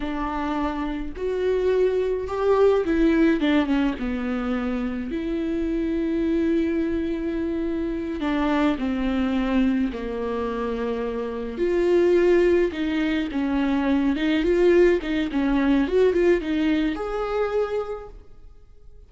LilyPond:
\new Staff \with { instrumentName = "viola" } { \time 4/4 \tempo 4 = 106 d'2 fis'2 | g'4 e'4 d'8 cis'8 b4~ | b4 e'2.~ | e'2~ e'8 d'4 c'8~ |
c'4. ais2~ ais8~ | ais8 f'2 dis'4 cis'8~ | cis'4 dis'8 f'4 dis'8 cis'4 | fis'8 f'8 dis'4 gis'2 | }